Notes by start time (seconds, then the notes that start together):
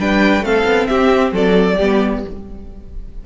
0.00 G3 D4 B4 G5
0.41 A3 C4 A4 F5
0.65 B3
0.87 C4 G4 E5
1.32 F#3 A4 D5
1.77 G3 B3 G4